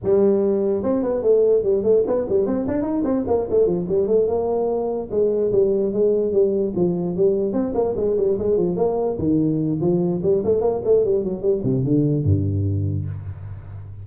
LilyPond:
\new Staff \with { instrumentName = "tuba" } { \time 4/4 \tempo 4 = 147 g2 c'8 b8 a4 | g8 a8 b8 g8 c'8 d'8 dis'8 c'8 | ais8 a8 f8 g8 a8 ais4.~ | ais8 gis4 g4 gis4 g8~ |
g8 f4 g4 c'8 ais8 gis8 | g8 gis8 f8 ais4 dis4. | f4 g8 a8 ais8 a8 g8 fis8 | g8 c8 d4 g,2 | }